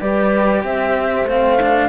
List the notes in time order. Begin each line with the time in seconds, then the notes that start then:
0.00 G3 G4 B4 D5
0.64 C4 C5 E5
1.25 A3 C4 F5
1.62 D4